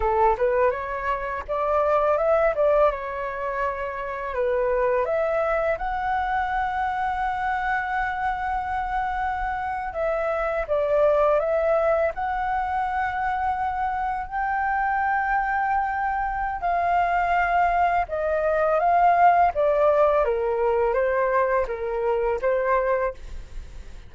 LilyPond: \new Staff \with { instrumentName = "flute" } { \time 4/4 \tempo 4 = 83 a'8 b'8 cis''4 d''4 e''8 d''8 | cis''2 b'4 e''4 | fis''1~ | fis''4.~ fis''16 e''4 d''4 e''16~ |
e''8. fis''2. g''16~ | g''2. f''4~ | f''4 dis''4 f''4 d''4 | ais'4 c''4 ais'4 c''4 | }